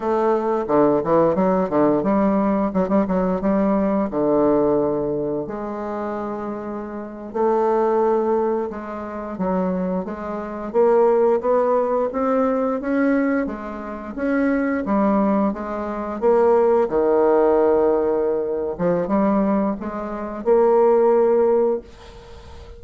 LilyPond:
\new Staff \with { instrumentName = "bassoon" } { \time 4/4 \tempo 4 = 88 a4 d8 e8 fis8 d8 g4 | fis16 g16 fis8 g4 d2 | gis2~ gis8. a4~ a16~ | a8. gis4 fis4 gis4 ais16~ |
ais8. b4 c'4 cis'4 gis16~ | gis8. cis'4 g4 gis4 ais16~ | ais8. dis2~ dis8. f8 | g4 gis4 ais2 | }